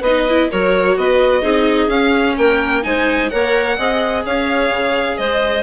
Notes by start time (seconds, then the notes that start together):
0.00 B3 B4 D#5
0.06 D#4
0.29 E4
0.50 F#3 F#4 A#4 C#5
0.97 B3 B4 D#5
1.42 C4 D#4 G#4
1.88 C#4 F5
2.37 A#3 A#4 G5
2.83 G#3 D#4 C5 G#5
3.30 A#3 A#4 C#5 F#5
3.77 C4 G#4 D#5
4.26 C#4 C#5 F5
4.70 C#3
5.18 G#3 C5 D#5